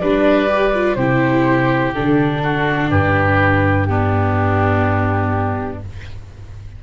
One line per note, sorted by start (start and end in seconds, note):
0.00 0.96 G3
0.00 0.48 D4
0.00 0.97 B4
0.00 0.95 D5
0.48 0.72 G4
0.74 0.98 F4
0.95 1.93 C3
0.95 1.95 E4
0.95 2.42 G4
0.95 1.92 C5
1.94 2.91 D3
1.94 3.88 D4
1.94 2.90 A4
2.43 2.90 F#4
2.90 5.81 G2
2.90 3.87 G4
2.90 3.85 B4
3.85 5.82 B3
3.85 5.83 D4
3.85 5.79 G4